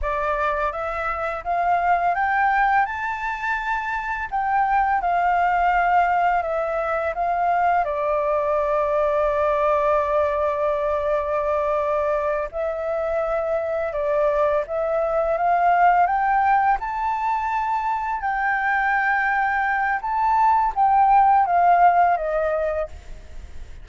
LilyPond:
\new Staff \with { instrumentName = "flute" } { \time 4/4 \tempo 4 = 84 d''4 e''4 f''4 g''4 | a''2 g''4 f''4~ | f''4 e''4 f''4 d''4~ | d''1~ |
d''4. e''2 d''8~ | d''8 e''4 f''4 g''4 a''8~ | a''4. g''2~ g''8 | a''4 g''4 f''4 dis''4 | }